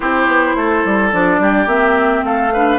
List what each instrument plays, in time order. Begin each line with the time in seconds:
0.00 bassoon C4, clarinet E4, oboe G4, flute C5
0.27 bassoon B3
0.55 bassoon A3, oboe A4
0.85 bassoon G3
1.11 bassoon F3, clarinet D4, flute D5
1.39 bassoon G3, oboe G4
1.66 bassoon A#3, clarinet C4, flute E5
2.23 bassoon A3, oboe A4, flute F5
2.53 clarinet D4, oboe B4